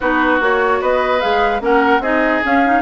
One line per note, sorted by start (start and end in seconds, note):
0.00 0.40 B3
0.00 0.39 D#4
0.00 0.80 F#4
0.00 0.41 B4
0.39 0.81 A#3
0.39 1.21 F#4
0.39 0.82 C#5
0.80 1.22 B3
0.80 1.61 B4
0.80 1.20 D#5
1.20 1.60 G#3
1.20 1.60 G#4
1.20 1.61 F5
1.60 1.99 A#3
1.60 2.01 C#4
1.60 2.02 A#4
1.60 2.02 F#5
1.99 2.40 C4
1.99 2.43 D#4
1.99 2.81 G#4
1.99 2.43 D#5
2.43 2.63 C#4
2.43 2.81 C#4
2.43 2.81 F5
2.65 2.81 D#4